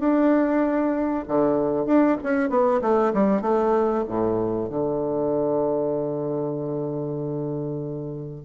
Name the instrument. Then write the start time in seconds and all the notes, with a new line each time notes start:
bassoon
0.00 D4
1.29 D3
1.87 D4
2.24 C#4
2.50 B3
2.82 A3
3.14 G3
3.42 A3
4.09 A2
4.70 D3